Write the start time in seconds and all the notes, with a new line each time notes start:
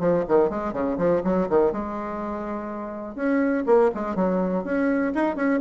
0.00 F3
0.28 D#3
0.50 G#3
0.73 C#3
0.98 F3
1.24 F#3
1.50 D#3
1.72 G#3
3.16 C#4
3.66 A#3
3.95 G#3
4.16 F#3
4.64 C#4
5.15 D#4
5.36 C#4